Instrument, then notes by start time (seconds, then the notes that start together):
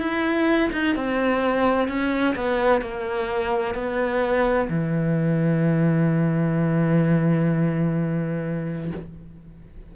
cello
0.00 E4
0.73 D#4
0.96 C4
1.89 C#4
2.36 B3
2.82 A#3
3.75 B3
4.70 E3